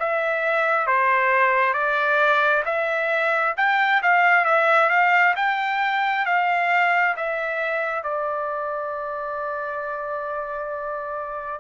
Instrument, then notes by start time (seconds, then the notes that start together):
trumpet
0.00 E5
0.87 C5
1.74 D5
2.66 E5
3.57 G5
4.03 F5
4.45 E5
4.90 F5
5.36 G5
6.26 F5
7.17 E5
8.04 D5